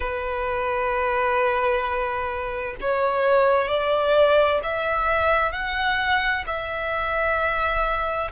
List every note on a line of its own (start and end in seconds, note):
0.00 2.75 B4
2.81 3.68 C#5
3.68 4.60 D5
4.63 5.51 E5
5.51 6.44 F#5
6.46 8.31 E5